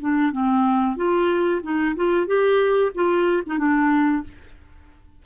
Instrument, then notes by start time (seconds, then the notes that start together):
clarinet
0.00 D4
0.32 C4
0.96 F4
1.62 D#4
1.96 F4
2.26 G4
2.94 F4
3.46 D#4
3.58 D4